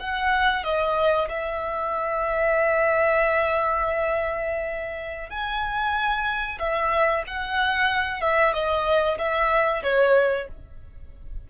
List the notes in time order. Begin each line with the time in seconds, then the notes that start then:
0.00 F#5
0.64 D#5
1.29 E5
5.30 G#5
6.59 E5
7.27 F#5
8.21 E5
8.53 D#5
9.18 E5
9.83 C#5